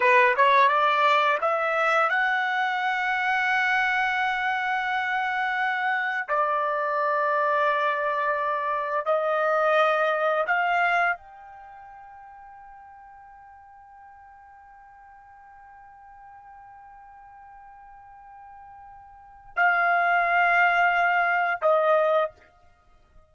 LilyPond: \new Staff \with { instrumentName = "trumpet" } { \time 4/4 \tempo 4 = 86 b'8 cis''8 d''4 e''4 fis''4~ | fis''1~ | fis''4 d''2.~ | d''4 dis''2 f''4 |
g''1~ | g''1~ | g''1 | f''2. dis''4 | }